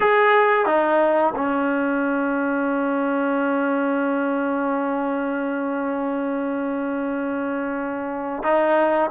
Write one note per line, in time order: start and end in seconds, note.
0.00 0.66 G#4
0.66 1.33 D#4
1.35 8.43 C#4
8.43 9.10 D#4